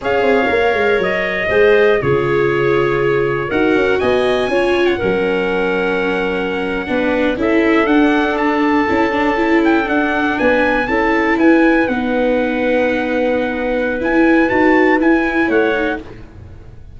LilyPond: <<
  \new Staff \with { instrumentName = "trumpet" } { \time 4/4 \tempo 4 = 120 f''2 dis''2 | cis''2. fis''4 | gis''4.~ gis''16 fis''2~ fis''16~ | fis''2~ fis''8. e''4 fis''16~ |
fis''8. a''2~ a''8 g''8 fis''16~ | fis''8. gis''4 a''4 gis''4 fis''16~ | fis''1 | gis''4 a''4 gis''4 fis''4 | }
  \new Staff \with { instrumentName = "clarinet" } { \time 4/4 cis''2. c''4 | gis'2. ais'4 | dis''4 cis''4 ais'2~ | ais'4.~ ais'16 b'4 a'4~ a'16~ |
a'1~ | a'8. b'4 a'4 b'4~ b'16~ | b'1~ | b'2. cis''4 | }
  \new Staff \with { instrumentName = "viola" } { \time 4/4 gis'4 ais'2 gis'4 | f'2. fis'4~ | fis'4 f'4 cis'2~ | cis'4.~ cis'16 d'4 e'4 d'16~ |
d'4.~ d'16 e'8 d'8 e'4 d'16~ | d'4.~ d'16 e'2 dis'16~ | dis'1 | e'4 fis'4 e'4. dis'8 | }
  \new Staff \with { instrumentName = "tuba" } { \time 4/4 cis'8 c'8 ais8 gis8 fis4 gis4 | cis2. dis'8 cis'8 | b4 cis'4 fis2~ | fis4.~ fis16 b4 cis'4 d'16~ |
d'4.~ d'16 cis'2 d'16~ | d'8. b4 cis'4 e'4 b16~ | b1 | e'4 dis'4 e'4 a4 | }
>>